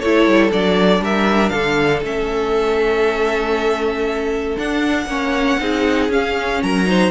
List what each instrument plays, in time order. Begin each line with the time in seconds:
0.00 cello A3, viola E4, violin A4 C#5
0.27 cello G3
0.51 cello F#3, viola D4, violin D5
1.00 cello G3, violin A#4 E5
1.49 cello D3, violin A4 F5
2.02 cello A3, viola C#4, violin E5
4.58 viola D4, cello D4, violin F#5
5.07 cello A#3, viola C#4, violin C#5
5.60 cello C4, viola D#4, violin G#4
6.09 viola C#4, cello C#4, violin F5
6.63 cello F#3, violin A#4 A#5
6.85 viola D#4, violin C5